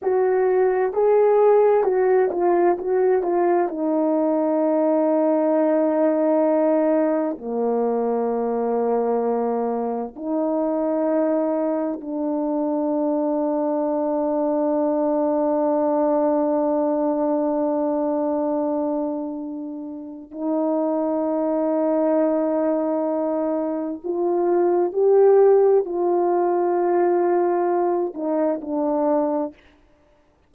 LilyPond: \new Staff \with { instrumentName = "horn" } { \time 4/4 \tempo 4 = 65 fis'4 gis'4 fis'8 f'8 fis'8 f'8 | dis'1 | ais2. dis'4~ | dis'4 d'2.~ |
d'1~ | d'2 dis'2~ | dis'2 f'4 g'4 | f'2~ f'8 dis'8 d'4 | }